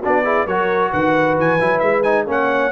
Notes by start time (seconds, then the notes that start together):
0.00 B3 D4 F#4 D5
0.23 E4 G#4
0.46 F#3 F#4 A#4 C#5
0.91 D#3 B4 F#5
1.38 E3 G#5
1.59 F#3 E4
1.79 G#3 E5
2.02 D#4 G#5
2.26 A#3 C#4 C#5 F#5